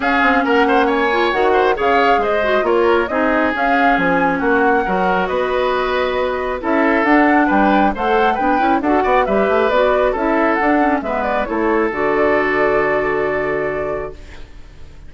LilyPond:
<<
  \new Staff \with { instrumentName = "flute" } { \time 4/4 \tempo 4 = 136 f''4 fis''4 gis''4 fis''4 | f''4 dis''4 cis''4 dis''4 | f''4 gis''4 fis''2 | dis''2. e''4 |
fis''4 g''4 fis''4 g''4 | fis''4 e''4 d''4 e''4 | fis''4 e''8 d''8 cis''4 d''4~ | d''1 | }
  \new Staff \with { instrumentName = "oboe" } { \time 4/4 gis'4 ais'8 c''8 cis''4. c''8 | cis''4 c''4 ais'4 gis'4~ | gis'2 fis'4 ais'4 | b'2. a'4~ |
a'4 b'4 c''4 b'4 | a'8 d''8 b'2 a'4~ | a'4 b'4 a'2~ | a'1 | }
  \new Staff \with { instrumentName = "clarinet" } { \time 4/4 cis'2~ cis'8 f'8 fis'4 | gis'4. fis'8 f'4 dis'4 | cis'2. fis'4~ | fis'2. e'4 |
d'2 a'4 d'8 e'8 | fis'4 g'4 fis'4 e'4 | d'8 cis'8 b4 e'4 fis'4~ | fis'1 | }
  \new Staff \with { instrumentName = "bassoon" } { \time 4/4 cis'8 c'8 ais2 dis4 | cis4 gis4 ais4 c'4 | cis'4 f4 ais4 fis4 | b2. cis'4 |
d'4 g4 a4 b8 cis'8 | d'8 b8 g8 a8 b4 cis'4 | d'4 gis4 a4 d4~ | d1 | }
>>